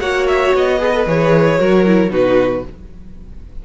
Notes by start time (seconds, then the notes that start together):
0.00 A#3 F#4 C#5 F#5
0.28 E5
0.54 B3 D#5
0.79 G#4 B4
0.93 A4
1.06 E3 G#4 C#5
1.59 F#3 F#4 A#4
1.86 E4
2.10 B2 D#4 F#4 B4